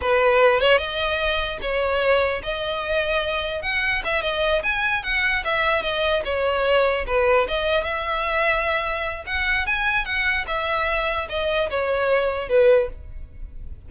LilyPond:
\new Staff \with { instrumentName = "violin" } { \time 4/4 \tempo 4 = 149 b'4. cis''8 dis''2 | cis''2 dis''2~ | dis''4 fis''4 e''8 dis''4 gis''8~ | gis''8 fis''4 e''4 dis''4 cis''8~ |
cis''4. b'4 dis''4 e''8~ | e''2. fis''4 | gis''4 fis''4 e''2 | dis''4 cis''2 b'4 | }